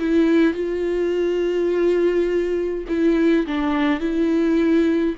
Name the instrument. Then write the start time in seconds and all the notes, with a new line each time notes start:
viola
0.00 E4
0.54 F4
2.89 E4
3.47 D4
4.01 E4